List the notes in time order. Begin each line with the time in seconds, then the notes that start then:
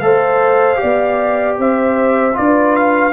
0.00 A3 A4 C5 F5
0.76 G4 D5
0.83 B3
1.59 C4 C5 E5
2.34 D4 F4 B4 D5
2.77 F5